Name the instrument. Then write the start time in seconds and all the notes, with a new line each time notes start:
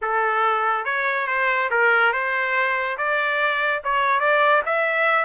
trumpet
0.01 A4
0.85 C#5
1.27 C5
1.70 A#4
2.12 C5
2.97 D5
3.83 C#5
4.20 D5
4.65 E5